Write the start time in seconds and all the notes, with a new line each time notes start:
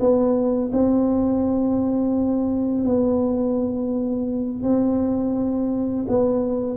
0.00 B3
0.73 C4
2.85 B3
4.63 C4
6.08 B3